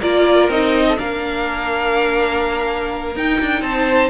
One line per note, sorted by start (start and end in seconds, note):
0.00 0.48 A#3
0.00 0.50 F4
0.00 0.85 A#4
0.00 0.50 D5
0.48 0.97 C4
0.48 0.95 D#4
0.48 0.98 D#5
0.88 0.98 A4
0.95 3.16 A#3
0.95 3.13 D4
0.95 3.64 A#4
0.95 3.16 F5
3.16 3.40 D#4
3.16 4.10 D#4
3.16 3.62 G5
3.41 3.61 D4
3.61 4.09 C4
3.61 4.10 C5
3.61 4.10 A5